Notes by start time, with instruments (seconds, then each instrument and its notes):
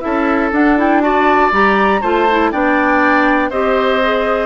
0.00 bassoon C#4, clarinet E4, oboe A4, flute E5
0.52 bassoon D4, clarinet D4, flute F#5
0.77 clarinet E4, flute G5
1.01 clarinet F#4, oboe D5, flute A5
1.52 bassoon G3, clarinet G4, flute A#5
2.01 bassoon A3, clarinet F4, oboe C5, flute A5
2.30 clarinet E4
2.52 bassoon B3, clarinet D4, oboe D5, flute G5
3.50 bassoon C4, clarinet G4, oboe C5, flute D#5
4.03 clarinet G#4